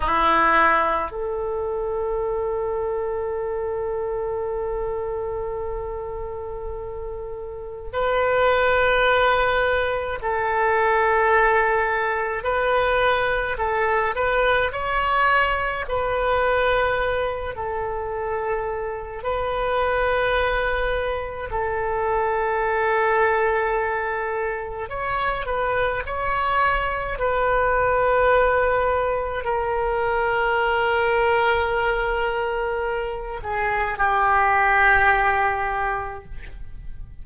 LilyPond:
\new Staff \with { instrumentName = "oboe" } { \time 4/4 \tempo 4 = 53 e'4 a'2.~ | a'2. b'4~ | b'4 a'2 b'4 | a'8 b'8 cis''4 b'4. a'8~ |
a'4 b'2 a'4~ | a'2 cis''8 b'8 cis''4 | b'2 ais'2~ | ais'4. gis'8 g'2 | }